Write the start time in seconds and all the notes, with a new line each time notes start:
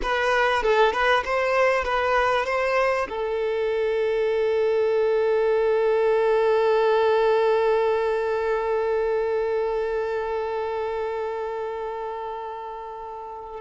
0.02 B4
0.62 A4
0.92 B4
1.24 C5
1.84 B4
2.45 C5
3.09 A4